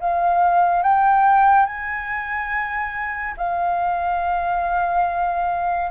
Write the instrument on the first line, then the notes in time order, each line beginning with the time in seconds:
flute
0.00 F5
0.83 G5
1.66 G#5
3.37 F5